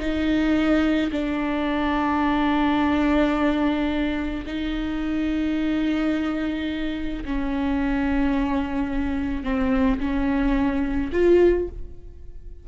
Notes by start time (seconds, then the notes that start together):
0.00 D#4
1.12 D4
4.46 D#4
7.25 C#4
9.44 C4
10.00 C#4
11.13 F4